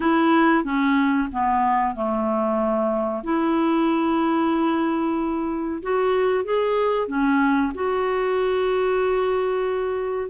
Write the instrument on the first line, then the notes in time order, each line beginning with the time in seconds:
clarinet
0.00 E4
0.63 C#4
1.32 B3
1.95 A3
3.23 E4
5.82 F#4
6.44 G#4
7.07 C#4
7.74 F#4